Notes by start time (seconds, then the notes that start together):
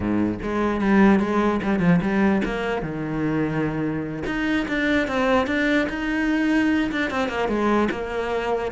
0.00 G#2
0.42 G#3
0.81 G3
1.19 G#3
1.62 G3
1.79 F3
2.01 G3
2.45 A#3
2.82 D#3
4.26 D#4
4.68 D4
5.07 C4
5.47 D4
5.89 D#4
6.91 D4
7.10 C4
7.28 A#3
7.48 G#3
7.91 A#3